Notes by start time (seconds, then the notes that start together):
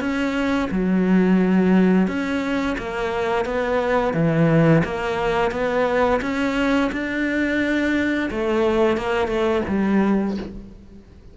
0.00 C#4
0.71 F#3
2.08 C#4
2.78 A#3
3.45 B3
4.14 E3
4.85 A#3
5.51 B3
6.22 C#4
6.92 D4
8.31 A3
8.97 A#3
9.28 A3
9.68 G3